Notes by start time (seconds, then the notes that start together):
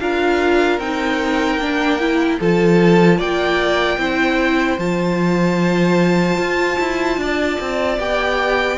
0.00 D4 F4 A#4 F5
0.78 C4 D#4 G5
1.58 A#3 D4
2.00 E4
2.39 F3 F4 A4 A5
3.18 A#3 D5 G5
3.98 C4 E4 C5
4.78 F3 F4 A5
6.38 F4
6.80 E4
7.18 D4 D5
7.61 C4
7.98 B3 G4 G5